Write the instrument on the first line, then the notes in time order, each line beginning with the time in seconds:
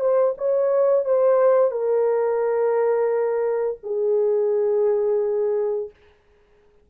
horn
0.00 C5
0.37 C#5
1.05 C5
1.71 A#4
3.83 G#4